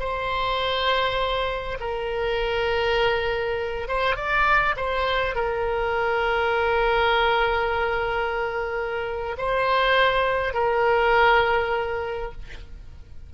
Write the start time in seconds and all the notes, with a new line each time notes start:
0.00 C5
1.80 A#4
3.89 C5
4.16 D5
4.77 C5
5.36 A#4
9.38 C5
10.54 A#4